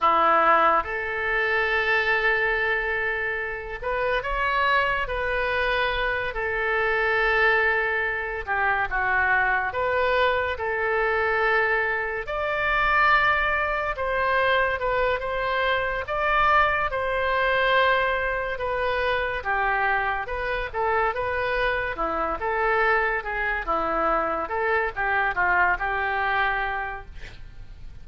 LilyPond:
\new Staff \with { instrumentName = "oboe" } { \time 4/4 \tempo 4 = 71 e'4 a'2.~ | a'8 b'8 cis''4 b'4. a'8~ | a'2 g'8 fis'4 b'8~ | b'8 a'2 d''4.~ |
d''8 c''4 b'8 c''4 d''4 | c''2 b'4 g'4 | b'8 a'8 b'4 e'8 a'4 gis'8 | e'4 a'8 g'8 f'8 g'4. | }